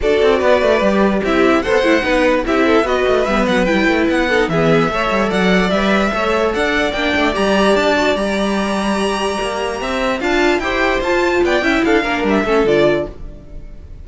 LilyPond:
<<
  \new Staff \with { instrumentName = "violin" } { \time 4/4 \tempo 4 = 147 d''2. e''4 | fis''2 e''4 dis''4 | e''8 fis''8 g''4 fis''4 e''4~ | e''4 fis''4 e''2 |
fis''4 g''4 ais''4 a''4 | ais''1~ | ais''4 a''4 g''4 a''4 | g''4 f''4 e''4 d''4 | }
  \new Staff \with { instrumentName = "violin" } { \time 4/4 a'4 b'2 g'4 | c''4 b'4 g'8 a'8 b'4~ | b'2~ b'8 a'8 gis'4 | cis''4 d''2 cis''4 |
d''1~ | d''1 | e''4 f''4 c''2 | d''8 e''8 a'8 ais'4 a'4. | }
  \new Staff \with { instrumentName = "viola" } { \time 4/4 fis'2 g'4 e'4 | a'8 e'8 dis'4 e'4 fis'4 | b4 e'4. dis'8 b4 | a'2 b'4 a'4~ |
a'4 d'4 g'4. fis'8 | g'1~ | g'4 f'4 g'4 f'4~ | f'8 e'4 d'4 cis'8 f'4 | }
  \new Staff \with { instrumentName = "cello" } { \time 4/4 d'8 c'8 b8 a8 g4 c'4 | b8 a8 b4 c'4 b8 a8 | g8 fis8 g8 a8 b4 e4 | a8 g8 fis4 g4 a4 |
d'4 ais8 a8 g4 d'4 | g2. ais4 | c'4 d'4 e'4 f'4 | b8 cis'8 d'8 ais8 g8 a8 d4 | }
>>